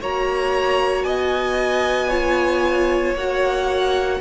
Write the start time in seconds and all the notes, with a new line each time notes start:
0.00 A#3 F#4 C#5 A#5
1.03 B3 D#5 G#5
2.09 F4 C#5
3.14 A#3 F#4 F#5